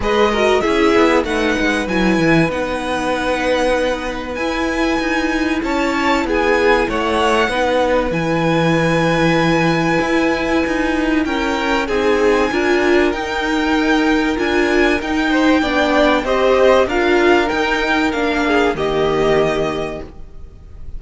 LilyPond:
<<
  \new Staff \with { instrumentName = "violin" } { \time 4/4 \tempo 4 = 96 dis''4 e''4 fis''4 gis''4 | fis''2. gis''4~ | gis''4 a''4 gis''4 fis''4~ | fis''4 gis''2.~ |
gis''2 g''4 gis''4~ | gis''4 g''2 gis''4 | g''2 dis''4 f''4 | g''4 f''4 dis''2 | }
  \new Staff \with { instrumentName = "violin" } { \time 4/4 b'8 ais'8 gis'4 b'2~ | b'1~ | b'4 cis''4 gis'4 cis''4 | b'1~ |
b'2 ais'4 gis'4 | ais'1~ | ais'8 c''8 d''4 c''4 ais'4~ | ais'4. gis'8 g'2 | }
  \new Staff \with { instrumentName = "viola" } { \time 4/4 gis'8 fis'8 e'4 dis'4 e'4 | dis'2. e'4~ | e'1 | dis'4 e'2.~ |
e'2. dis'4 | f'4 dis'2 f'4 | dis'4 d'4 g'4 f'4 | dis'4 d'4 ais2 | }
  \new Staff \with { instrumentName = "cello" } { \time 4/4 gis4 cis'8 b8 a8 gis8 fis8 e8 | b2. e'4 | dis'4 cis'4 b4 a4 | b4 e2. |
e'4 dis'4 cis'4 c'4 | d'4 dis'2 d'4 | dis'4 b4 c'4 d'4 | dis'4 ais4 dis2 | }
>>